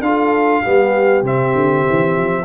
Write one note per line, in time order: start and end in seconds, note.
0.00 0.61 D4
0.00 0.64 F4
0.00 0.62 A4
0.00 1.22 F5
0.62 1.22 G3
0.62 1.24 B3
0.62 2.44 G4
1.22 1.52 C3
1.22 2.44 C4
1.22 2.44 E5
1.54 1.85 D3
1.88 2.17 E3
2.17 2.44 F3